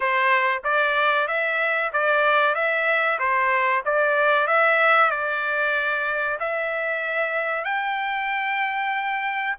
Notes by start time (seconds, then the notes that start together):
0.00 C5
0.64 D5
1.27 E5
1.93 D5
2.54 E5
3.19 C5
3.85 D5
4.47 E5
5.11 D5
6.39 E5
7.64 G5